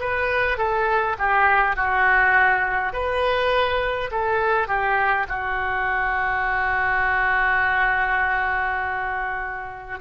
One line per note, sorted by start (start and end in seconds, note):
0.00 0.58 B4
0.58 1.17 A4
1.19 1.76 G4
1.76 2.93 F#4
2.93 4.11 B4
4.11 4.68 A4
4.68 5.27 G4
5.29 9.99 F#4